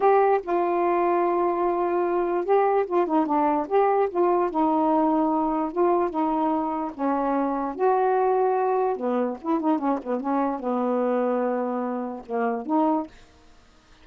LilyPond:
\new Staff \with { instrumentName = "saxophone" } { \time 4/4 \tempo 4 = 147 g'4 f'2.~ | f'2 g'4 f'8 dis'8 | d'4 g'4 f'4 dis'4~ | dis'2 f'4 dis'4~ |
dis'4 cis'2 fis'4~ | fis'2 b4 e'8 dis'8 | cis'8 b8 cis'4 b2~ | b2 ais4 dis'4 | }